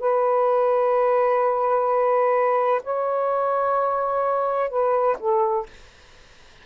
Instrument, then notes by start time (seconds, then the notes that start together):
saxophone
0.00 B4
2.83 C#5
4.70 B4
5.19 A4